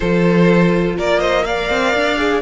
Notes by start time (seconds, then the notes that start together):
0.00 F3 F4 A4 C5
0.97 A#3 A#4 D5
1.19 C5 D#5
1.44 A#4 D5 F5
1.69 C4
1.94 D4
2.17 G#4